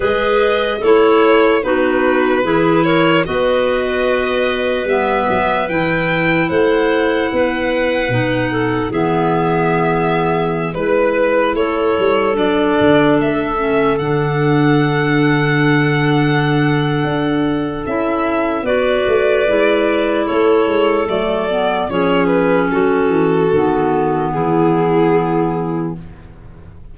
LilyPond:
<<
  \new Staff \with { instrumentName = "violin" } { \time 4/4 \tempo 4 = 74 dis''4 cis''4 b'4. cis''8 | dis''2 e''4 g''4 | fis''2. e''4~ | e''4~ e''16 b'4 cis''4 d''8.~ |
d''16 e''4 fis''2~ fis''8.~ | fis''2 e''4 d''4~ | d''4 cis''4 d''4 cis''8 b'8 | a'2 gis'2 | }
  \new Staff \with { instrumentName = "clarinet" } { \time 4/4 b'4 a'4 fis'4 gis'8 ais'8 | b'1 | c''4 b'4. a'8 gis'4~ | gis'4~ gis'16 b'4 a'4.~ a'16~ |
a'1~ | a'2. b'4~ | b'4 a'2 gis'4 | fis'2 e'2 | }
  \new Staff \with { instrumentName = "clarinet" } { \time 4/4 gis'4 e'4 dis'4 e'4 | fis'2 b4 e'4~ | e'2 dis'4 b4~ | b4~ b16 e'2 d'8.~ |
d'8. cis'8 d'2~ d'8.~ | d'2 e'4 fis'4 | e'2 a8 b8 cis'4~ | cis'4 b2. | }
  \new Staff \with { instrumentName = "tuba" } { \time 4/4 gis4 a4 b4 e4 | b2 g8 fis8 e4 | a4 b4 b,4 e4~ | e4~ e16 gis4 a8 g8 fis8 d16~ |
d16 a4 d2~ d8.~ | d4 d'4 cis'4 b8 a8 | gis4 a8 gis8 fis4 f4 | fis8 e8 dis4 e2 | }
>>